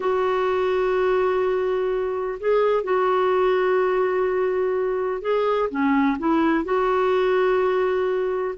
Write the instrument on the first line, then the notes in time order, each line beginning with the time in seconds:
clarinet
0.00 F#4
2.39 G#4
2.83 F#4
5.21 G#4
5.69 C#4
6.18 E4
6.64 F#4